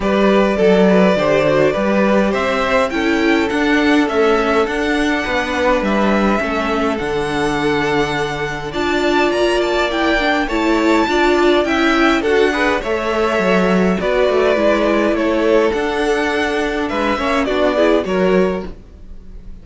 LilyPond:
<<
  \new Staff \with { instrumentName = "violin" } { \time 4/4 \tempo 4 = 103 d''1 | e''4 g''4 fis''4 e''4 | fis''2 e''2 | fis''2. a''4 |
ais''8 a''8 g''4 a''2 | g''4 fis''4 e''2 | d''2 cis''4 fis''4~ | fis''4 e''4 d''4 cis''4 | }
  \new Staff \with { instrumentName = "violin" } { \time 4/4 b'4 a'8 b'8 c''4 b'4 | c''4 a'2.~ | a'4 b'2 a'4~ | a'2. d''4~ |
d''2 cis''4 d''4 | e''4 a'8 b'8 cis''2 | b'2 a'2~ | a'4 b'8 cis''8 fis'8 gis'8 ais'4 | }
  \new Staff \with { instrumentName = "viola" } { \time 4/4 g'4 a'4 g'8 fis'8 g'4~ | g'4 e'4 d'4 a4 | d'2. cis'4 | d'2. f'4~ |
f'4 e'8 d'8 e'4 f'4 | e'4 fis'8 gis'8 a'2 | fis'4 e'2 d'4~ | d'4. cis'8 d'8 e'8 fis'4 | }
  \new Staff \with { instrumentName = "cello" } { \time 4/4 g4 fis4 d4 g4 | c'4 cis'4 d'4 cis'4 | d'4 b4 g4 a4 | d2. d'4 |
ais2 a4 d'4 | cis'4 d'4 a4 fis4 | b8 a8 gis4 a4 d'4~ | d'4 gis8 ais8 b4 fis4 | }
>>